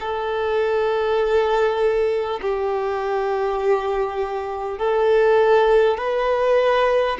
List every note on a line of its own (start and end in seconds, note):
0.00 2.40 A4
2.41 4.78 G4
4.78 5.98 A4
5.98 7.18 B4